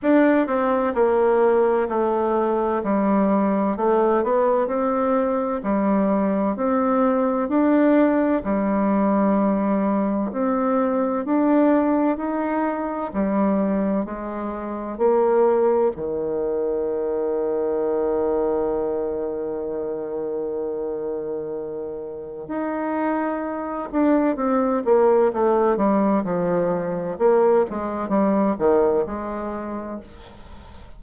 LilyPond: \new Staff \with { instrumentName = "bassoon" } { \time 4/4 \tempo 4 = 64 d'8 c'8 ais4 a4 g4 | a8 b8 c'4 g4 c'4 | d'4 g2 c'4 | d'4 dis'4 g4 gis4 |
ais4 dis2.~ | dis1 | dis'4. d'8 c'8 ais8 a8 g8 | f4 ais8 gis8 g8 dis8 gis4 | }